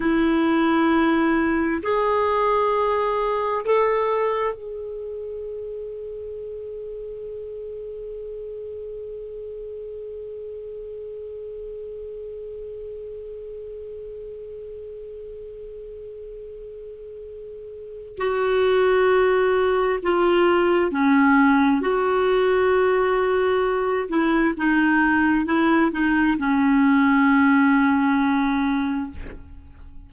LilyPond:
\new Staff \with { instrumentName = "clarinet" } { \time 4/4 \tempo 4 = 66 e'2 gis'2 | a'4 gis'2.~ | gis'1~ | gis'1~ |
gis'1 | fis'2 f'4 cis'4 | fis'2~ fis'8 e'8 dis'4 | e'8 dis'8 cis'2. | }